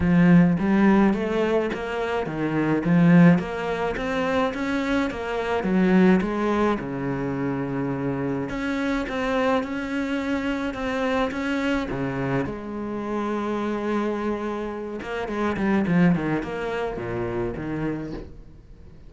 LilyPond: \new Staff \with { instrumentName = "cello" } { \time 4/4 \tempo 4 = 106 f4 g4 a4 ais4 | dis4 f4 ais4 c'4 | cis'4 ais4 fis4 gis4 | cis2. cis'4 |
c'4 cis'2 c'4 | cis'4 cis4 gis2~ | gis2~ gis8 ais8 gis8 g8 | f8 dis8 ais4 ais,4 dis4 | }